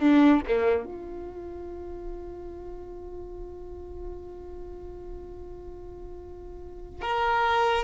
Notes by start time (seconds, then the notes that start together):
0.00 D4
0.47 A#3
0.86 F4
7.02 A#4